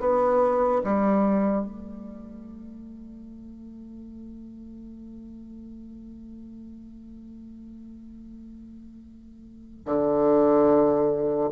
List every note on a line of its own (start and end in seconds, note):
0.00 0.82 B3
0.84 1.66 G3
1.66 9.86 A3
9.86 11.50 D3